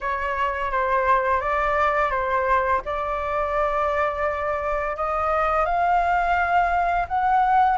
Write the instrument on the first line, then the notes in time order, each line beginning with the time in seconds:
flute
0.00 C#5
0.71 C5
1.40 D5
2.10 C5
2.85 D5
4.96 D#5
5.65 F5
7.07 F#5